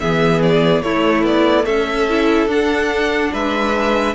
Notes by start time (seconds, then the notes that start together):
0.00 E3 B3 G#4 E5
0.42 D5
0.82 A3 E4 C#5
1.23 B3 D5
1.65 C#4 A4 E5
2.09 E4
2.47 D4 F#5
3.32 G#3 B4 E5